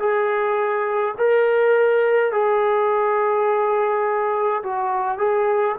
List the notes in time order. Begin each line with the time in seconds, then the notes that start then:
0.00 G#4
1.19 A#4
2.32 G#4
4.64 F#4
5.18 G#4